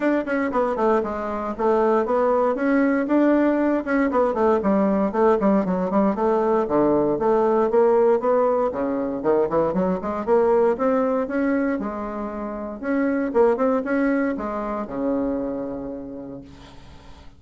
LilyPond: \new Staff \with { instrumentName = "bassoon" } { \time 4/4 \tempo 4 = 117 d'8 cis'8 b8 a8 gis4 a4 | b4 cis'4 d'4. cis'8 | b8 a8 g4 a8 g8 fis8 g8 | a4 d4 a4 ais4 |
b4 cis4 dis8 e8 fis8 gis8 | ais4 c'4 cis'4 gis4~ | gis4 cis'4 ais8 c'8 cis'4 | gis4 cis2. | }